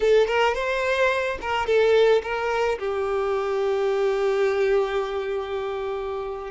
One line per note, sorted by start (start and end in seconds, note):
0.00 0.27 A4
0.27 0.54 A#4
0.54 1.37 C5
1.41 1.66 A#4
1.66 2.21 A4
2.22 2.78 A#4
2.78 6.51 G4